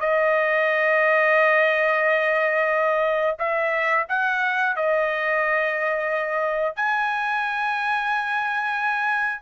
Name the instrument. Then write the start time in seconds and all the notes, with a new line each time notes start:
trumpet
0.00 D#5
3.39 E5
4.09 F#5
4.76 D#5
6.76 G#5